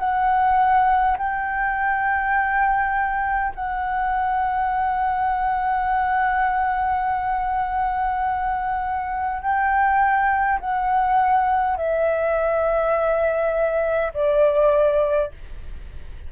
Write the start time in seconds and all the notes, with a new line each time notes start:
0.00 F#5
1.18 G5
3.56 F#5
9.42 G5
10.60 F#5
11.78 E5
14.14 D5